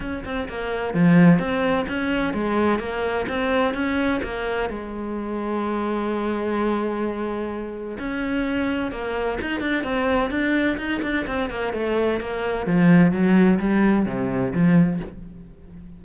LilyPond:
\new Staff \with { instrumentName = "cello" } { \time 4/4 \tempo 4 = 128 cis'8 c'8 ais4 f4 c'4 | cis'4 gis4 ais4 c'4 | cis'4 ais4 gis2~ | gis1~ |
gis4 cis'2 ais4 | dis'8 d'8 c'4 d'4 dis'8 d'8 | c'8 ais8 a4 ais4 f4 | fis4 g4 c4 f4 | }